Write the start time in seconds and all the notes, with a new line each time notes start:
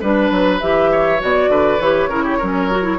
0.00 G3 D4 B4
0.30 F#3
0.61 E3 G4 E5
0.91 C#5
1.18 B2 F#4 D5
1.48 D3 B4
1.79 E3 G4 C#5
2.08 C#3 E4 A#4
2.23 G4
2.37 F#3 C#4 A#4
2.71 F#4
2.83 E4